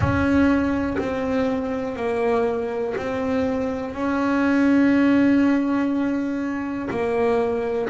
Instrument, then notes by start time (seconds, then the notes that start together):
double bass
0.00 C#4
0.98 C4
1.95 A#3
2.97 C4
3.93 C#4
6.90 A#3